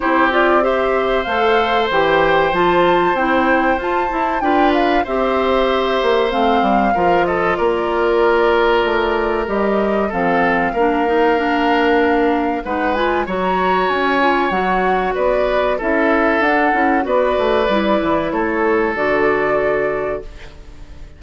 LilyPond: <<
  \new Staff \with { instrumentName = "flute" } { \time 4/4 \tempo 4 = 95 c''8 d''8 e''4 f''4 g''4 | a''4 g''4 a''4 g''8 f''8 | e''2 f''4. dis''8 | d''2. dis''4 |
f''1 | fis''8 gis''8 ais''4 gis''4 fis''4 | d''4 e''4 fis''4 d''4~ | d''4 cis''4 d''2 | }
  \new Staff \with { instrumentName = "oboe" } { \time 4/4 g'4 c''2.~ | c''2. b'4 | c''2. ais'8 a'8 | ais'1 |
a'4 ais'2. | b'4 cis''2. | b'4 a'2 b'4~ | b'4 a'2. | }
  \new Staff \with { instrumentName = "clarinet" } { \time 4/4 e'8 f'8 g'4 a'4 g'4 | f'4 e'4 f'8 e'8 f'4 | g'2 c'4 f'4~ | f'2. g'4 |
c'4 d'8 dis'8 d'2 | dis'8 f'8 fis'4. f'8 fis'4~ | fis'4 e'4 d'8 e'8 fis'4 | e'2 fis'2 | }
  \new Staff \with { instrumentName = "bassoon" } { \time 4/4 c'2 a4 e4 | f4 c'4 f'8 e'8 d'4 | c'4. ais8 a8 g8 f4 | ais2 a4 g4 |
f4 ais2. | gis4 fis4 cis'4 fis4 | b4 cis'4 d'8 cis'8 b8 a8 | g8 e8 a4 d2 | }
>>